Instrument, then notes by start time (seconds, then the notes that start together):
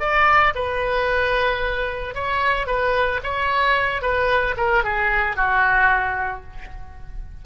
oboe
0.00 D5
0.55 B4
2.15 C#5
2.67 B4
3.24 C#5
4.02 B4
4.57 A#4
4.84 G#4
5.36 F#4